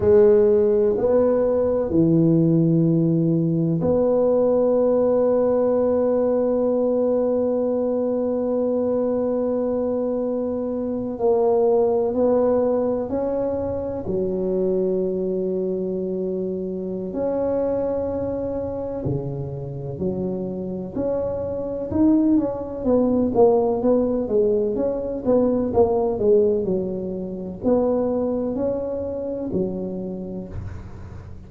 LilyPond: \new Staff \with { instrumentName = "tuba" } { \time 4/4 \tempo 4 = 63 gis4 b4 e2 | b1~ | b2.~ b8. ais16~ | ais8. b4 cis'4 fis4~ fis16~ |
fis2 cis'2 | cis4 fis4 cis'4 dis'8 cis'8 | b8 ais8 b8 gis8 cis'8 b8 ais8 gis8 | fis4 b4 cis'4 fis4 | }